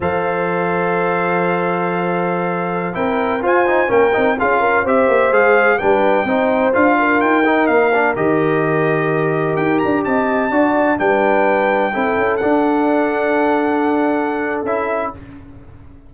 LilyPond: <<
  \new Staff \with { instrumentName = "trumpet" } { \time 4/4 \tempo 4 = 127 f''1~ | f''2~ f''16 g''4 gis''8.~ | gis''16 g''4 f''4 e''4 f''8.~ | f''16 g''2 f''4 g''8.~ |
g''16 f''4 dis''2~ dis''8.~ | dis''16 g''8 ais''8 a''2 g''8.~ | g''2~ g''16 fis''4.~ fis''16~ | fis''2. e''4 | }
  \new Staff \with { instrumentName = "horn" } { \time 4/4 c''1~ | c''2~ c''16 ais'4 c''8.~ | c''16 ais'4 gis'8 ais'8 c''4.~ c''16~ | c''16 b'4 c''4. ais'4~ ais'16~ |
ais'1~ | ais'4~ ais'16 dis''4 d''4 b'8.~ | b'4~ b'16 a'2~ a'8.~ | a'1 | }
  \new Staff \with { instrumentName = "trombone" } { \time 4/4 a'1~ | a'2~ a'16 e'4 f'8 dis'16~ | dis'16 cis'8 dis'8 f'4 g'4 gis'8.~ | gis'16 d'4 dis'4 f'4. dis'16~ |
dis'8. d'8 g'2~ g'8.~ | g'2~ g'16 fis'4 d'8.~ | d'4~ d'16 e'4 d'4.~ d'16~ | d'2. e'4 | }
  \new Staff \with { instrumentName = "tuba" } { \time 4/4 f1~ | f2~ f16 c'4 f'8.~ | f'16 ais8 c'8 cis'4 c'8 ais8 gis8.~ | gis16 g4 c'4 d'4 dis'8.~ |
dis'16 ais4 dis2~ dis8.~ | dis16 dis'8 d'8 c'4 d'4 g8.~ | g4~ g16 c'8 cis'8 d'4.~ d'16~ | d'2. cis'4 | }
>>